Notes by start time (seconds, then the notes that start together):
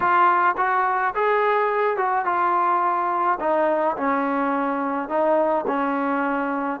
0.00 F4
0.57 F#4
1.14 G#4
1.97 F#4
2.25 F4
3.40 D#4
3.96 C#4
5.08 D#4
5.67 C#4